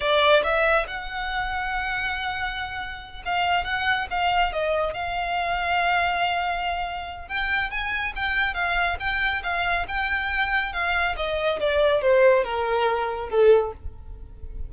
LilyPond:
\new Staff \with { instrumentName = "violin" } { \time 4/4 \tempo 4 = 140 d''4 e''4 fis''2~ | fis''2.~ fis''8 f''8~ | f''8 fis''4 f''4 dis''4 f''8~ | f''1~ |
f''4 g''4 gis''4 g''4 | f''4 g''4 f''4 g''4~ | g''4 f''4 dis''4 d''4 | c''4 ais'2 a'4 | }